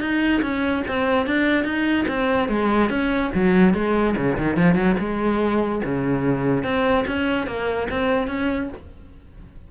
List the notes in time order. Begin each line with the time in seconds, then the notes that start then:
0.00 D#4
0.42 C#4
0.87 C4
1.26 D4
1.64 D#4
2.07 C4
2.48 G#3
2.89 C#4
3.34 F#3
3.74 G#3
4.16 C#3
4.37 D#3
4.56 F3
4.74 F#3
4.99 G#3
5.84 C#3
6.63 C4
7.07 C#4
7.46 A#3
7.89 C4
8.27 C#4